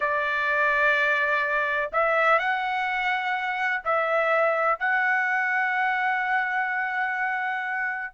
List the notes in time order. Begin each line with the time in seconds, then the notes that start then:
0.00 D5
1.92 E5
2.38 F#5
3.84 E5
4.79 F#5